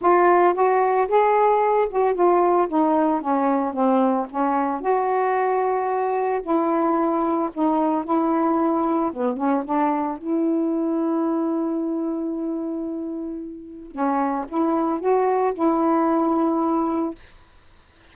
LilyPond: \new Staff \with { instrumentName = "saxophone" } { \time 4/4 \tempo 4 = 112 f'4 fis'4 gis'4. fis'8 | f'4 dis'4 cis'4 c'4 | cis'4 fis'2. | e'2 dis'4 e'4~ |
e'4 b8 cis'8 d'4 e'4~ | e'1~ | e'2 cis'4 e'4 | fis'4 e'2. | }